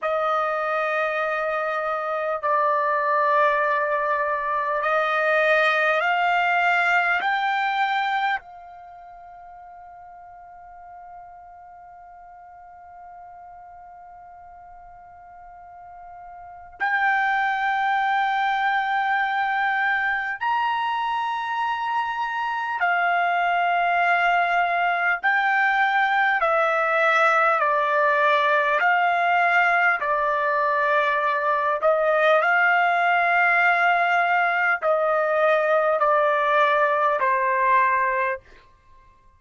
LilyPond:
\new Staff \with { instrumentName = "trumpet" } { \time 4/4 \tempo 4 = 50 dis''2 d''2 | dis''4 f''4 g''4 f''4~ | f''1~ | f''2 g''2~ |
g''4 ais''2 f''4~ | f''4 g''4 e''4 d''4 | f''4 d''4. dis''8 f''4~ | f''4 dis''4 d''4 c''4 | }